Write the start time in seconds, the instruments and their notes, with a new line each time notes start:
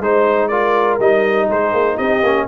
0.00 tuba G#3, trombone D#4, trumpet C5, horn C5
0.48 trombone F4, horn A#4, trumpet D5
1.00 tuba G3, trombone D#4, trumpet D#5
1.48 tuba G#3, horn G#4, trumpet C5
1.73 tuba A#3
1.96 tuba C4, horn G4, trumpet D#5
2.23 tuba A#3, trombone C#4